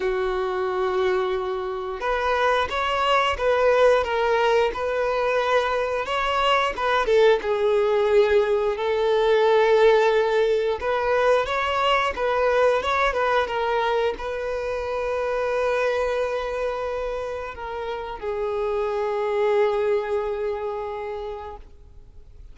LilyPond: \new Staff \with { instrumentName = "violin" } { \time 4/4 \tempo 4 = 89 fis'2. b'4 | cis''4 b'4 ais'4 b'4~ | b'4 cis''4 b'8 a'8 gis'4~ | gis'4 a'2. |
b'4 cis''4 b'4 cis''8 b'8 | ais'4 b'2.~ | b'2 ais'4 gis'4~ | gis'1 | }